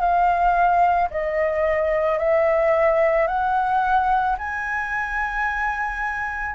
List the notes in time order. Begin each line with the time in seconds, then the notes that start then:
0.00 F5
1.10 D#5
2.18 E5
3.27 F#5
4.38 G#5